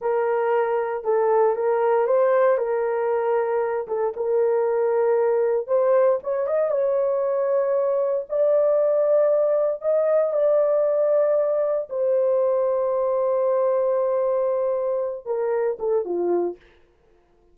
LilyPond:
\new Staff \with { instrumentName = "horn" } { \time 4/4 \tempo 4 = 116 ais'2 a'4 ais'4 | c''4 ais'2~ ais'8 a'8 | ais'2. c''4 | cis''8 dis''8 cis''2. |
d''2. dis''4 | d''2. c''4~ | c''1~ | c''4. ais'4 a'8 f'4 | }